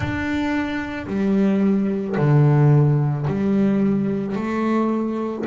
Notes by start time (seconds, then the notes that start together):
0.00 D4
1.07 G3
2.17 D3
3.27 G3
4.35 A3